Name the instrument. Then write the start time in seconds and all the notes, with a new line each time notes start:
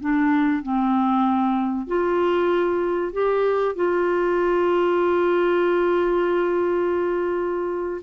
clarinet
0.00 D4
0.62 C4
1.87 F4
3.13 G4
3.75 F4